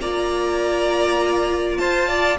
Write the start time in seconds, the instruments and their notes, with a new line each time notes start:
0.00 cello A#3, viola F4, violin D5 A#5
1.78 cello F4, violin C5 A5
2.08 violin D5